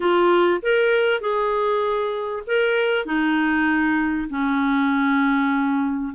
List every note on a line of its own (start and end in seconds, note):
0.00 0.60 F4
0.62 1.21 A#4
1.21 2.43 G#4
2.47 3.05 A#4
3.05 4.28 D#4
4.29 6.13 C#4